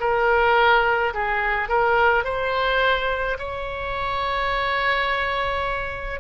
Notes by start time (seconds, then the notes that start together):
0.00 A#4
1.14 G#4
1.68 A#4
2.24 C5
3.38 C#5